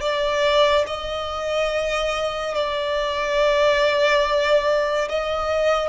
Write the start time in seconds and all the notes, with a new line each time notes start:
0.00 D5
0.87 D#5
2.54 D5
5.09 D#5